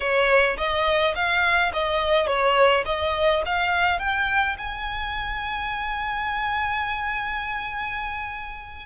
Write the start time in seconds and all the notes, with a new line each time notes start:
0.00 C#5
0.57 D#5
1.15 F5
1.73 D#5
2.26 C#5
2.85 D#5
3.45 F5
3.99 G5
4.58 G#5